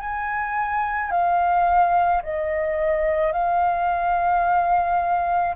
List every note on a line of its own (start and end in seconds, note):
0.00 1.11 G#5
1.11 2.22 F5
2.23 3.33 D#5
3.33 5.55 F5